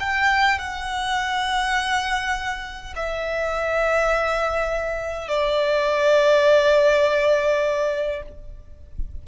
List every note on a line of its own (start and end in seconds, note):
0.00 0.59 G5
0.59 2.94 F#5
2.96 5.28 E5
5.28 8.22 D5